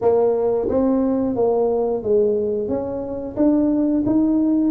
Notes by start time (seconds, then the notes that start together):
0.01 A#3
0.68 C4
1.35 A#3
2.03 G#3
2.68 C#4
3.36 D4
4.06 D#4